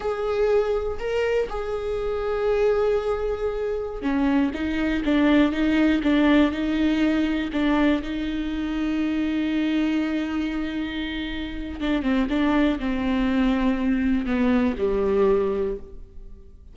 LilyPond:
\new Staff \with { instrumentName = "viola" } { \time 4/4 \tempo 4 = 122 gis'2 ais'4 gis'4~ | gis'1~ | gis'16 cis'4 dis'4 d'4 dis'8.~ | dis'16 d'4 dis'2 d'8.~ |
d'16 dis'2.~ dis'8.~ | dis'1 | d'8 c'8 d'4 c'2~ | c'4 b4 g2 | }